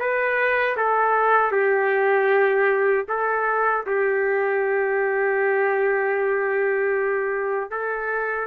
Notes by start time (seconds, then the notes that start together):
0.00 B4
0.78 A4
1.52 G4
3.09 A4
3.87 G4
7.71 A4